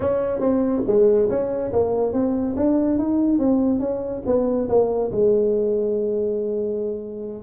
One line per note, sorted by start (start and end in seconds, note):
0.00 0.40 C#4
0.40 0.82 C4
0.86 1.29 G#3
1.29 1.72 C#4
1.72 2.12 A#3
2.12 2.55 C4
2.56 2.98 D4
2.98 3.38 D#4
3.38 3.79 C4
3.79 4.22 C#4
4.26 4.68 B3
4.68 5.11 A#3
5.11 7.43 G#3